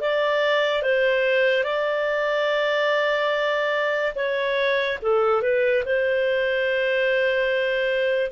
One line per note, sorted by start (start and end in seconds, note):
0.00 0.82 D5
0.82 1.63 C5
1.63 4.13 D5
4.15 4.98 C#5
5.02 5.42 A4
5.42 5.83 B4
5.85 8.31 C5